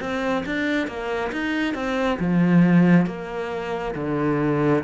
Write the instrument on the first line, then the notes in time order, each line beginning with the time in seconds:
cello
0.00 C4
0.45 D4
0.87 A#3
1.32 D#4
1.74 C4
2.19 F3
3.06 A#3
3.95 D3